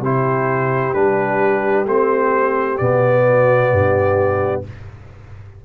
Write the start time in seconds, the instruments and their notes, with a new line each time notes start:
0.00 tuba C3, trombone E4, horn G4, trumpet C5
0.94 tuba G3, trombone D4, trumpet B4
1.86 tuba A3, trombone C4, trumpet C5
2.78 tuba B2, trombone B3, trumpet D5
3.29 horn F#4
3.72 tuba G2, horn G4